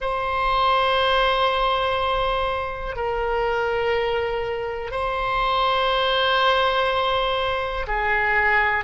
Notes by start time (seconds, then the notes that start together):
0.00 C5
2.96 A#4
4.91 C5
7.87 G#4